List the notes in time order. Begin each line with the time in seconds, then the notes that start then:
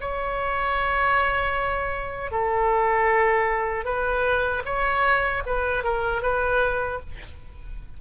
0.00 C#5
2.31 A4
3.85 B4
4.65 C#5
5.46 B4
5.83 A#4
6.22 B4